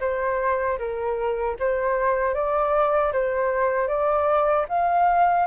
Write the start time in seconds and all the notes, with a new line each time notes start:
0.00 C5
0.78 A#4
1.59 C5
2.34 D5
3.12 C5
3.87 D5
4.68 F5